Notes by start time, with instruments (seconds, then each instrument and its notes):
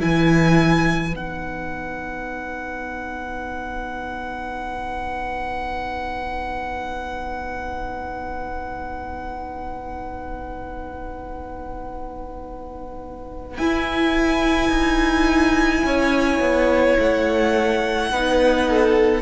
0.00 cello E3, viola E4, violin B4 G#5
1.12 cello B3, viola D#4, violin F#5
13.57 cello E4, viola E4, violin G#5
14.70 cello D#4
15.84 cello C#4, violin C#5
16.40 cello B3
16.99 cello A3, violin F#5
18.12 cello B3, viola D#4, violin B4
18.69 violin A4